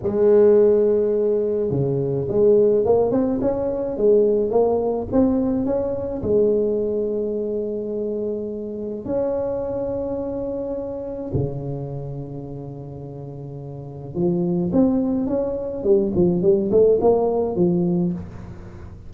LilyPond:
\new Staff \with { instrumentName = "tuba" } { \time 4/4 \tempo 4 = 106 gis2. cis4 | gis4 ais8 c'8 cis'4 gis4 | ais4 c'4 cis'4 gis4~ | gis1 |
cis'1 | cis1~ | cis4 f4 c'4 cis'4 | g8 f8 g8 a8 ais4 f4 | }